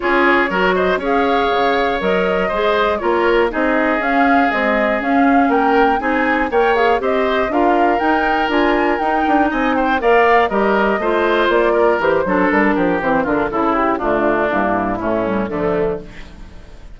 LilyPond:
<<
  \new Staff \with { instrumentName = "flute" } { \time 4/4 \tempo 4 = 120 cis''4. dis''8 f''2 | dis''2 cis''4 dis''4 | f''4 dis''4 f''4 g''4 | gis''4 g''8 f''8 dis''4 f''4 |
g''4 gis''4 g''4 gis''8 g''8 | f''4 dis''2 d''4 | c''4 ais'4 c''8 ais'8 a'8 g'8 | f'4 e'2 d'4 | }
  \new Staff \with { instrumentName = "oboe" } { \time 4/4 gis'4 ais'8 c''8 cis''2~ | cis''4 c''4 ais'4 gis'4~ | gis'2. ais'4 | gis'4 cis''4 c''4 ais'4~ |
ais'2. dis''8 c''8 | d''4 ais'4 c''4. ais'8~ | ais'8 a'4 g'4 f'8 e'4 | d'2 cis'4 a4 | }
  \new Staff \with { instrumentName = "clarinet" } { \time 4/4 f'4 fis'4 gis'2 | ais'4 gis'4 f'4 dis'4 | cis'4 gis4 cis'2 | dis'4 ais'8 gis'8 g'4 f'4 |
dis'4 f'4 dis'2 | ais'4 g'4 f'2 | g'8 d'4. c'8 d'8 e'4 | a4 ais4 a8 g8 f4 | }
  \new Staff \with { instrumentName = "bassoon" } { \time 4/4 cis'4 fis4 cis'4 cis4 | fis4 gis4 ais4 c'4 | cis'4 c'4 cis'4 ais4 | c'4 ais4 c'4 d'4 |
dis'4 d'4 dis'8 d'8 c'4 | ais4 g4 a4 ais4 | e8 fis8 g8 f8 e8 d8 cis4 | d4 g,4 a,4 d4 | }
>>